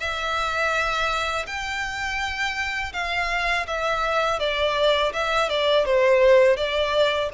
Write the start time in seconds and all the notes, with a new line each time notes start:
0.00 E5
1.47 G5
2.93 F5
3.67 E5
4.39 D5
5.13 E5
5.49 D5
5.86 C5
6.57 D5